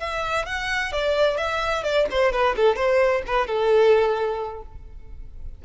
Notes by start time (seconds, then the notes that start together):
0.00 E5
0.46 F#5
0.93 D5
1.38 E5
1.84 D5
2.11 C5
2.33 B4
2.57 A4
2.76 C5
3.27 B4
3.47 A4